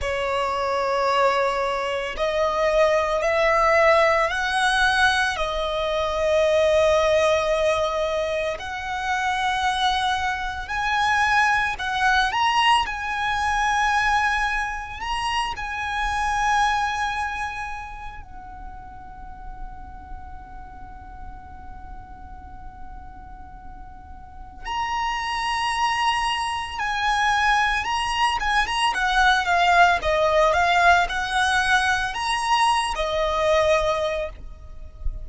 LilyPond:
\new Staff \with { instrumentName = "violin" } { \time 4/4 \tempo 4 = 56 cis''2 dis''4 e''4 | fis''4 dis''2. | fis''2 gis''4 fis''8 ais''8 | gis''2 ais''8 gis''4.~ |
gis''4 fis''2.~ | fis''2. ais''4~ | ais''4 gis''4 ais''8 gis''16 ais''16 fis''8 f''8 | dis''8 f''8 fis''4 ais''8. dis''4~ dis''16 | }